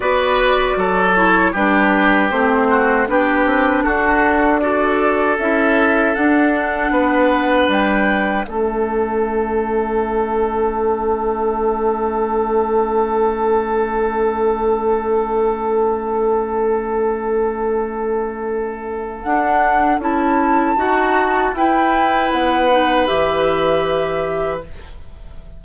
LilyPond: <<
  \new Staff \with { instrumentName = "flute" } { \time 4/4 \tempo 4 = 78 d''4. cis''8 b'4 c''4 | b'4 a'4 d''4 e''4 | fis''2 g''4 e''4~ | e''1~ |
e''1~ | e''1~ | e''4 fis''4 a''2 | g''4 fis''4 e''2 | }
  \new Staff \with { instrumentName = "oboe" } { \time 4/4 b'4 a'4 g'4. fis'8 | g'4 fis'4 a'2~ | a'4 b'2 a'4~ | a'1~ |
a'1~ | a'1~ | a'2. fis'4 | b'1 | }
  \new Staff \with { instrumentName = "clarinet" } { \time 4/4 fis'4. e'8 d'4 c'4 | d'2 fis'4 e'4 | d'2. cis'4~ | cis'1~ |
cis'1~ | cis'1~ | cis'4 d'4 e'4 fis'4 | e'4. dis'8 g'2 | }
  \new Staff \with { instrumentName = "bassoon" } { \time 4/4 b4 fis4 g4 a4 | b8 c'8 d'2 cis'4 | d'4 b4 g4 a4~ | a1~ |
a1~ | a1~ | a4 d'4 cis'4 dis'4 | e'4 b4 e2 | }
>>